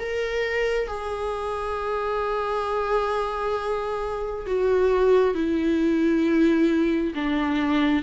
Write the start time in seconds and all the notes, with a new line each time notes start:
0.00 A#4
0.88 G#4
4.47 F#4
5.35 E4
7.15 D4